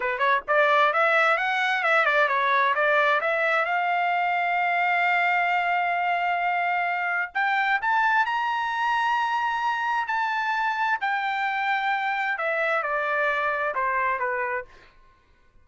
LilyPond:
\new Staff \with { instrumentName = "trumpet" } { \time 4/4 \tempo 4 = 131 b'8 cis''8 d''4 e''4 fis''4 | e''8 d''8 cis''4 d''4 e''4 | f''1~ | f''1 |
g''4 a''4 ais''2~ | ais''2 a''2 | g''2. e''4 | d''2 c''4 b'4 | }